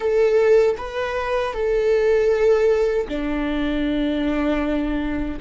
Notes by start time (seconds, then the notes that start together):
0.00 A4
0.77 B4
1.53 A4
3.08 D4